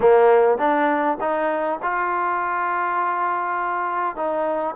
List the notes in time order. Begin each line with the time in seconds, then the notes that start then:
0.00 A#3
0.58 D4
1.20 D#4
1.82 F4
4.16 D#4